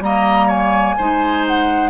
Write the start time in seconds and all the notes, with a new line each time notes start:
0.00 G3 A#3 D#5 A#5
0.47 C#5 G#5
0.98 G#3 D#4 C5
1.47 F#5